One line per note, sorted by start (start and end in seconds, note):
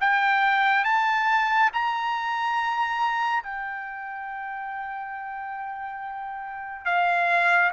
0.00 0.84 G5
0.84 1.70 A5
1.73 3.42 A#5
3.42 6.85 G5
6.85 7.71 F5